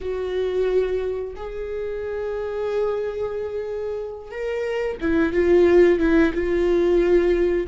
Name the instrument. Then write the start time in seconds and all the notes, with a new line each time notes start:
viola
0.01 F#4
1.35 G#4
4.31 A#4
5.00 E4
5.32 F4
5.99 E4
6.34 F4